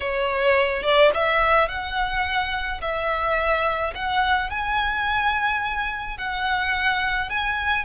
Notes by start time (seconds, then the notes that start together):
0.00 C#5
0.83 D5
1.14 E5
1.68 F#5
2.81 E5
3.95 F#5
4.50 G#5
6.17 F#5
7.29 G#5